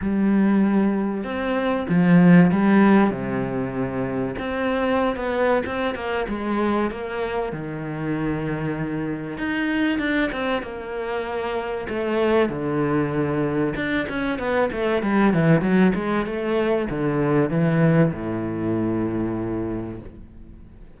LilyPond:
\new Staff \with { instrumentName = "cello" } { \time 4/4 \tempo 4 = 96 g2 c'4 f4 | g4 c2 c'4~ | c'16 b8. c'8 ais8 gis4 ais4 | dis2. dis'4 |
d'8 c'8 ais2 a4 | d2 d'8 cis'8 b8 a8 | g8 e8 fis8 gis8 a4 d4 | e4 a,2. | }